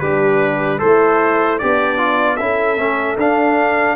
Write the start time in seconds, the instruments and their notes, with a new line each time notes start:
0.00 tuba G3, horn D4, trombone G4, trumpet B4
0.78 tuba A3, horn E4, trombone A4, trumpet C5
1.59 tuba B3, horn D4, trombone G4, trumpet D5
1.98 trombone F4
2.37 tuba C#4, trombone E4, horn A4, trumpet E5
2.77 tuba A3, trombone C#4
3.17 tuba D4, trombone D4, trumpet F5